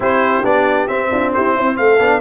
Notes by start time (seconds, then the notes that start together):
0.00 C4 E4 G4 C5
0.43 B3 D4 D5
0.87 C4 E5
1.10 D4 F4
1.33 E4 G4 C5
1.55 C4 E4
1.76 A3 A4 F5
1.99 B3 D4